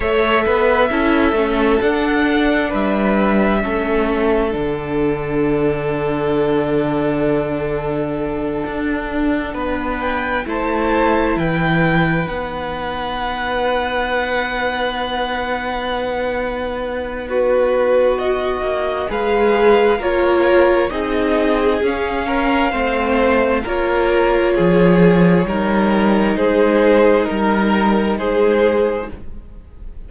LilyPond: <<
  \new Staff \with { instrumentName = "violin" } { \time 4/4 \tempo 4 = 66 e''2 fis''4 e''4~ | e''4 fis''2.~ | fis''2. g''8 a''8~ | a''8 g''4 fis''2~ fis''8~ |
fis''2. b'4 | dis''4 f''4 cis''4 dis''4 | f''2 cis''2~ | cis''4 c''4 ais'4 c''4 | }
  \new Staff \with { instrumentName = "violin" } { \time 4/4 cis''8 b'8 a'2 b'4 | a'1~ | a'2~ a'8 b'4 c''8~ | c''8 b'2.~ b'8~ |
b'2. fis'4~ | fis'4 b'4 ais'4 gis'4~ | gis'8 ais'8 c''4 ais'4 gis'4 | ais'4 gis'4 ais'4 gis'4 | }
  \new Staff \with { instrumentName = "viola" } { \time 4/4 a'4 e'8 cis'8 d'2 | cis'4 d'2.~ | d'2.~ d'8 e'8~ | e'4. dis'2~ dis'8~ |
dis'1~ | dis'4 gis'4 f'4 dis'4 | cis'4 c'4 f'2 | dis'1 | }
  \new Staff \with { instrumentName = "cello" } { \time 4/4 a8 b8 cis'8 a8 d'4 g4 | a4 d2.~ | d4. d'4 b4 a8~ | a8 e4 b2~ b8~ |
b1~ | b8 ais8 gis4 ais4 c'4 | cis'4 a4 ais4 f4 | g4 gis4 g4 gis4 | }
>>